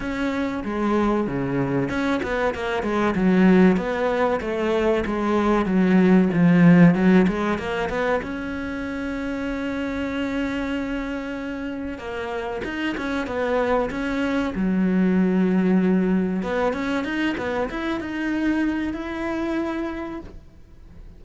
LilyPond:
\new Staff \with { instrumentName = "cello" } { \time 4/4 \tempo 4 = 95 cis'4 gis4 cis4 cis'8 b8 | ais8 gis8 fis4 b4 a4 | gis4 fis4 f4 fis8 gis8 | ais8 b8 cis'2.~ |
cis'2. ais4 | dis'8 cis'8 b4 cis'4 fis4~ | fis2 b8 cis'8 dis'8 b8 | e'8 dis'4. e'2 | }